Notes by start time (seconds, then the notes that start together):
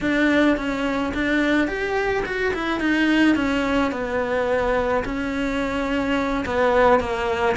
0.00 D4
0.56 C#4
1.14 D4
1.67 G4
2.25 F#4
2.54 E4
2.80 D#4
3.35 C#4
3.91 B3
5.04 C#4
6.45 B3
7.00 A#3